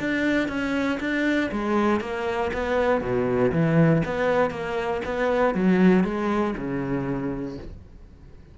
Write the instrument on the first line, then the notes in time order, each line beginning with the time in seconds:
cello
0.00 D4
0.49 C#4
1.00 D4
1.52 G#3
2.01 A#3
2.53 B3
3.01 B2
3.52 E3
4.05 B3
4.51 A#3
5.05 B3
5.55 F#3
6.04 G#3
6.58 C#3